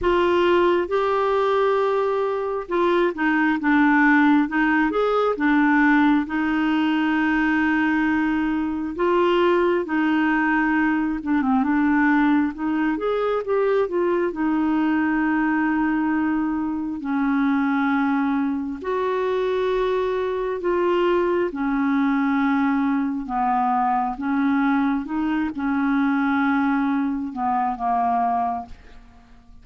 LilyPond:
\new Staff \with { instrumentName = "clarinet" } { \time 4/4 \tempo 4 = 67 f'4 g'2 f'8 dis'8 | d'4 dis'8 gis'8 d'4 dis'4~ | dis'2 f'4 dis'4~ | dis'8 d'16 c'16 d'4 dis'8 gis'8 g'8 f'8 |
dis'2. cis'4~ | cis'4 fis'2 f'4 | cis'2 b4 cis'4 | dis'8 cis'2 b8 ais4 | }